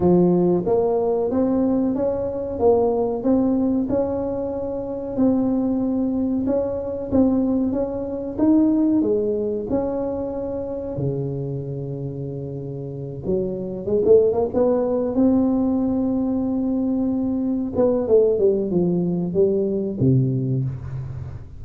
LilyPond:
\new Staff \with { instrumentName = "tuba" } { \time 4/4 \tempo 4 = 93 f4 ais4 c'4 cis'4 | ais4 c'4 cis'2 | c'2 cis'4 c'4 | cis'4 dis'4 gis4 cis'4~ |
cis'4 cis2.~ | cis8 fis4 gis16 a8 ais16 b4 c'8~ | c'2.~ c'8 b8 | a8 g8 f4 g4 c4 | }